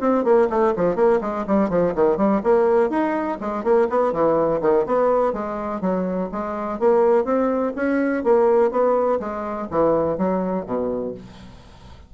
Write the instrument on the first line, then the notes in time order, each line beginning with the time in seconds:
bassoon
0.00 C4
0.24 A#3
0.49 A3
0.76 F3
0.95 A#3
1.21 G#3
1.47 G3
1.69 F3
1.95 D#3
2.17 G3
2.43 A#3
2.90 D#4
3.40 G#3
3.64 A#3
3.90 B3
4.12 E3
4.61 D#3
4.86 B3
5.33 G#3
5.81 F#3
6.32 G#3
6.79 A#3
7.24 C4
7.76 C#4
8.24 A#3
8.71 B3
9.20 G#3
9.70 E3
10.17 F#3
10.66 B2